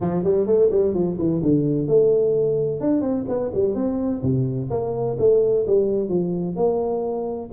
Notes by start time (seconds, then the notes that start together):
0.00 F3
0.24 G3
0.46 A3
0.70 G3
0.94 F3
1.18 E3
1.42 D3
1.87 A3
2.80 D4
3.01 C4
3.28 B3
3.54 G3
3.74 C4
4.22 C3
4.70 A#3
5.19 A3
5.66 G3
6.09 F3
6.56 A#3